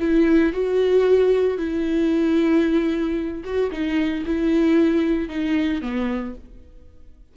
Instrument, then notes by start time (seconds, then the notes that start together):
viola
0.00 E4
0.53 F#4
1.58 E4
3.44 F#4
3.72 D#4
4.26 E4
5.30 D#4
5.82 B3